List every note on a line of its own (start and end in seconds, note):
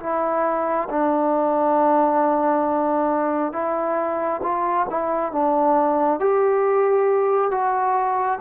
0.00 0.88 E4
0.89 3.53 D4
3.53 4.41 E4
4.42 4.86 F4
4.90 5.32 E4
5.32 6.20 D4
6.20 7.51 G4
7.51 8.39 F#4